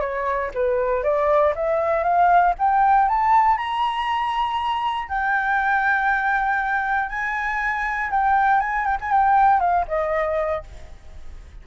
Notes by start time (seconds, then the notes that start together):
0.00 C#5
0.54 B4
1.03 D5
1.55 E5
2.03 F5
2.58 G5
3.08 A5
3.57 A#5
5.08 G5
7.09 G#5
8.10 G5
8.61 G#5
8.85 G5
9.00 G#5
9.11 G5
9.60 F5
9.88 D#5